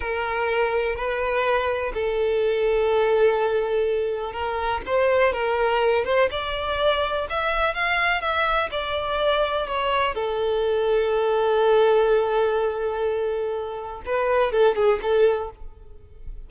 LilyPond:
\new Staff \with { instrumentName = "violin" } { \time 4/4 \tempo 4 = 124 ais'2 b'2 | a'1~ | a'4 ais'4 c''4 ais'4~ | ais'8 c''8 d''2 e''4 |
f''4 e''4 d''2 | cis''4 a'2.~ | a'1~ | a'4 b'4 a'8 gis'8 a'4 | }